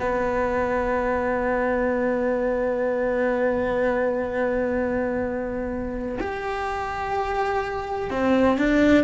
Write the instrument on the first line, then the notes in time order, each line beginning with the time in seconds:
cello
0.00 B3
6.21 G4
8.11 C4
8.58 D4